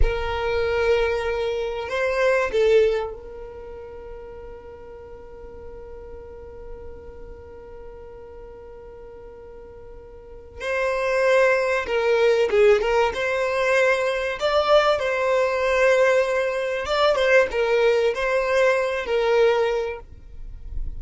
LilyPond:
\new Staff \with { instrumentName = "violin" } { \time 4/4 \tempo 4 = 96 ais'2. c''4 | a'4 ais'2.~ | ais'1~ | ais'1~ |
ais'4 c''2 ais'4 | gis'8 ais'8 c''2 d''4 | c''2. d''8 c''8 | ais'4 c''4. ais'4. | }